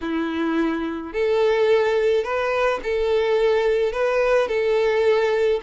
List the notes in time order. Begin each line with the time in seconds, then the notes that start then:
0.00 E4
1.12 A4
2.24 B4
2.83 A4
3.92 B4
4.48 A4